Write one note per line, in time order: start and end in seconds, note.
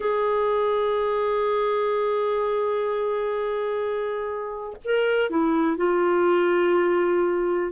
0.00 4.76 G#4
4.84 5.30 A#4
5.30 5.76 E4
5.76 7.72 F4